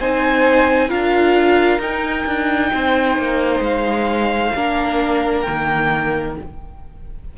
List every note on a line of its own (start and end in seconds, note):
0.00 0.91 C4
0.00 0.89 D#4
0.00 0.89 C5
0.00 0.90 G#5
0.89 1.79 D4
0.89 1.80 F4
0.89 2.71 A#4
0.89 1.81 F5
1.79 2.25 D#4
1.79 4.55 D#4
1.79 3.64 G5
2.26 2.72 D4
2.73 3.18 C4
2.73 4.55 C5
3.18 3.60 A#3
3.60 4.51 G#3
3.60 5.41 F5
4.55 5.47 A#3
4.55 5.46 D4
4.55 6.37 A#4
5.41 6.37 A#3
5.41 6.32 G5
5.47 6.38 D#3